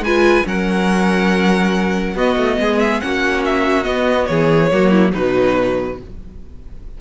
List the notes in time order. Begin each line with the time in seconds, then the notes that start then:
0.00 G#3 F4 B4 G#5
0.44 F#3 C#4 A#4 F#5
2.15 B3 F#4 D#5
2.37 A3
2.60 G#3 G#4
2.80 E5
3.01 A#3 C#4 F#4 F#5
3.45 E5
3.83 B3 D#5
4.26 E3 G#4 C#5
4.72 F#3 A#3 F#4
4.90 E4
5.13 B2 F#3 D#4 B4